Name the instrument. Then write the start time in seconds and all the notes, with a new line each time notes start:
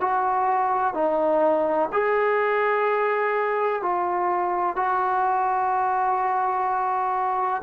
trombone
0.00 F#4
0.94 D#4
1.92 G#4
3.82 F4
4.76 F#4